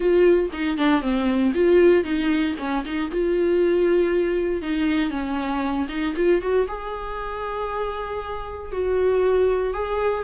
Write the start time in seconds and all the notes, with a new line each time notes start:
0.00 F4
0.53 D#4
0.77 D4
1.01 C4
1.54 F4
2.03 D#4
2.58 C#4
2.85 D#4
3.11 F4
4.62 D#4
5.10 C#4
5.89 D#4
6.16 F4
6.41 F#4
6.67 G#4
8.72 F#4
9.73 G#4